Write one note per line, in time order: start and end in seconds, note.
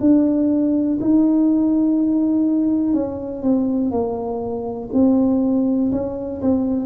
0.00 0.98 D4
1.01 2.94 D#4
2.94 3.42 C#4
3.42 3.91 C4
3.91 4.89 A#3
4.93 5.92 C4
5.92 6.41 C#4
6.41 6.86 C4